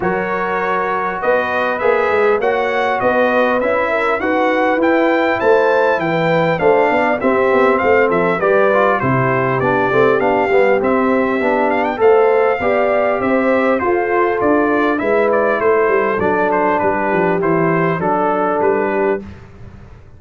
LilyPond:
<<
  \new Staff \with { instrumentName = "trumpet" } { \time 4/4 \tempo 4 = 100 cis''2 dis''4 e''4 | fis''4 dis''4 e''4 fis''4 | g''4 a''4 g''4 f''4 | e''4 f''8 e''8 d''4 c''4 |
d''4 f''4 e''4. f''16 g''16 | f''2 e''4 c''4 | d''4 e''8 d''8 c''4 d''8 c''8 | b'4 c''4 a'4 b'4 | }
  \new Staff \with { instrumentName = "horn" } { \time 4/4 ais'2 b'2 | cis''4 b'4. ais'8 b'4~ | b'4 c''4 b'4 c''8 d''8 | g'4 c''8 a'8 b'4 g'4~ |
g'1 | c''4 d''4 c''4 a'4~ | a'4 b'4 a'2 | g'2 a'4. g'8 | }
  \new Staff \with { instrumentName = "trombone" } { \time 4/4 fis'2. gis'4 | fis'2 e'4 fis'4 | e'2. d'4 | c'2 g'8 f'8 e'4 |
d'8 c'8 d'8 b8 c'4 d'4 | a'4 g'2 f'4~ | f'4 e'2 d'4~ | d'4 e'4 d'2 | }
  \new Staff \with { instrumentName = "tuba" } { \time 4/4 fis2 b4 ais8 gis8 | ais4 b4 cis'4 dis'4 | e'4 a4 e4 a8 b8 | c'8 b8 a8 f8 g4 c4 |
b8 a8 b8 g8 c'4 b4 | a4 b4 c'4 f'4 | d'4 gis4 a8 g8 fis4 | g8 f8 e4 fis4 g4 | }
>>